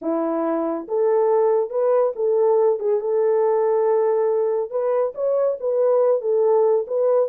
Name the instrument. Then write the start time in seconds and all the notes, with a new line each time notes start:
horn
0.01 E4
0.88 A4
1.70 B4
2.15 A4
2.79 G#4
3.00 A4
4.70 B4
5.14 C#5
5.59 B4
6.21 A4
6.87 B4